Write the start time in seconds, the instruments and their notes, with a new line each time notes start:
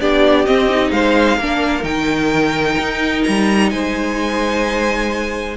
0.00 cello B3, viola D4, violin G4 D5
0.46 viola C4, cello C4, violin D#5
0.70 viola D#4
0.92 cello G#3, violin C5 F5
1.37 cello A#3, viola D4, violin A#4
1.83 cello D#3, viola D#4, violin G5
2.78 cello D#4
3.24 cello G3, violin A#5
3.71 cello G#3, violin C5 G#5